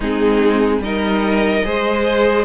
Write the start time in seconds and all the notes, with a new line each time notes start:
0.00 G#3 C4 D#4 G#4
0.79 G3 D#4 A#4 D#5
1.65 G#3 G#4 C5